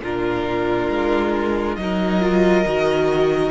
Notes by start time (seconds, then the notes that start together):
0.00 A#2 D4 F4 A#4
0.89 G#3
1.76 F#3 D#4 D#5
1.82 A#4
2.21 F4
2.66 D#3 F#4